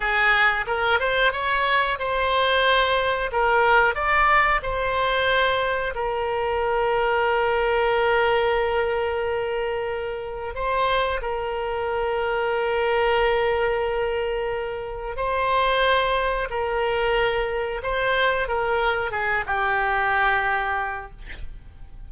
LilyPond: \new Staff \with { instrumentName = "oboe" } { \time 4/4 \tempo 4 = 91 gis'4 ais'8 c''8 cis''4 c''4~ | c''4 ais'4 d''4 c''4~ | c''4 ais'2.~ | ais'1 |
c''4 ais'2.~ | ais'2. c''4~ | c''4 ais'2 c''4 | ais'4 gis'8 g'2~ g'8 | }